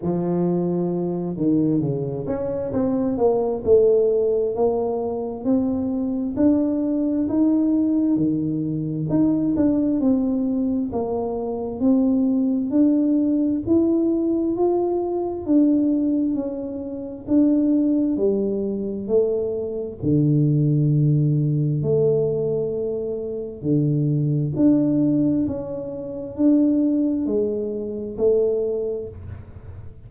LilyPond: \new Staff \with { instrumentName = "tuba" } { \time 4/4 \tempo 4 = 66 f4. dis8 cis8 cis'8 c'8 ais8 | a4 ais4 c'4 d'4 | dis'4 dis4 dis'8 d'8 c'4 | ais4 c'4 d'4 e'4 |
f'4 d'4 cis'4 d'4 | g4 a4 d2 | a2 d4 d'4 | cis'4 d'4 gis4 a4 | }